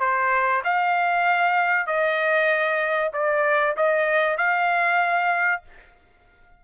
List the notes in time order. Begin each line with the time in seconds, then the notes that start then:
0.00 C5
0.64 F5
1.87 D#5
3.13 D5
3.77 D#5
4.38 F5